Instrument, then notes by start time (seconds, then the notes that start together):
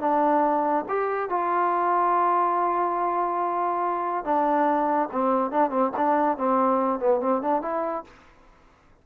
trombone
0.00 D4
0.88 G4
1.29 F4
4.24 D4
5.11 C4
5.50 D4
5.70 C4
5.96 D4
6.37 C4
6.99 B3
7.20 C4
7.42 D4
7.62 E4